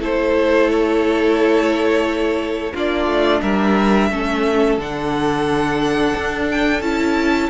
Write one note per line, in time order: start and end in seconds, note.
0.00 2.73 A3
0.00 2.73 E4
0.00 2.73 A4
0.00 0.71 C5
0.71 2.75 C#5
2.74 3.07 A#3
2.74 4.12 D4
2.74 3.42 F4
2.74 3.42 D5
3.07 3.41 A3
3.42 4.10 G3
3.42 4.10 A#4
3.42 4.78 E5
4.10 4.78 A3
4.10 4.80 C#4
4.10 7.50 A4
4.78 6.14 D3
4.78 6.83 D4
4.78 6.51 F#5
6.17 6.81 D4
6.51 6.82 G5
6.81 7.49 C#4
6.81 7.50 E4
6.81 7.50 A5